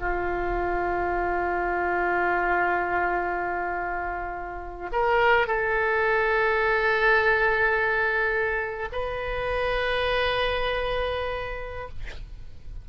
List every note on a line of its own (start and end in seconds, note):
0.00 4.90 F4
4.92 5.47 A#4
5.47 8.89 A4
8.92 11.89 B4